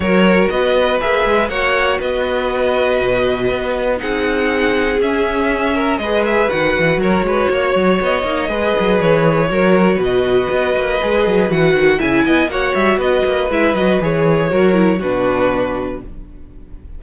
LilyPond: <<
  \new Staff \with { instrumentName = "violin" } { \time 4/4 \tempo 4 = 120 cis''4 dis''4 e''4 fis''4 | dis''1 | fis''2 e''2 | dis''8 e''8 fis''4 cis''2 |
dis''2 cis''2 | dis''2. fis''4 | gis''4 fis''8 e''8 dis''4 e''8 dis''8 | cis''2 b'2 | }
  \new Staff \with { instrumentName = "violin" } { \time 4/4 ais'4 b'2 cis''4 | b'1 | gis'2.~ gis'8 ais'8 | b'2 ais'8 b'8 cis''4~ |
cis''4 b'2 ais'4 | b'1 | e''8 dis''8 cis''4 b'2~ | b'4 ais'4 fis'2 | }
  \new Staff \with { instrumentName = "viola" } { \time 4/4 fis'2 gis'4 fis'4~ | fis'1 | dis'2 cis'2 | gis'4 fis'2.~ |
fis'8 dis'8 gis'2 fis'4~ | fis'2 gis'4 fis'4 | e'4 fis'2 e'8 fis'8 | gis'4 fis'8 e'8 d'2 | }
  \new Staff \with { instrumentName = "cello" } { \time 4/4 fis4 b4 ais8 gis8 ais4 | b2 b,4 b4 | c'2 cis'2 | gis4 dis8 e8 fis8 gis8 ais8 fis8 |
b8 ais8 gis8 fis8 e4 fis4 | b,4 b8 ais8 gis8 fis8 e8 dis8 | cis8 b8 ais8 g8 b8 ais8 gis8 fis8 | e4 fis4 b,2 | }
>>